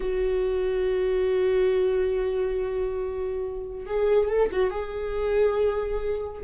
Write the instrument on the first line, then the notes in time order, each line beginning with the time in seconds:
viola
0.00 F#4
3.86 G#4
4.28 A4
4.52 F#4
4.70 G#4